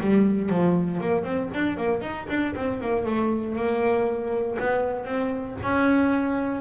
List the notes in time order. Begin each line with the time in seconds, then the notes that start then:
0.00 G3
0.49 F3
1.00 A#3
1.23 C4
1.53 D4
1.77 A#3
2.01 D#4
2.29 D4
2.55 C4
2.80 A#3
3.05 A3
3.55 A#3
4.59 B3
5.04 C4
5.62 C#4